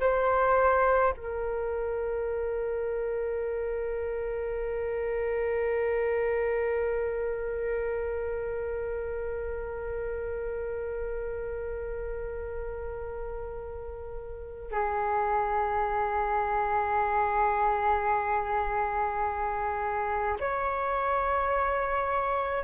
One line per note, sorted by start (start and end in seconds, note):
0.00 1.13 C5
1.16 14.72 A#4
14.72 20.38 G#4
20.40 22.64 C#5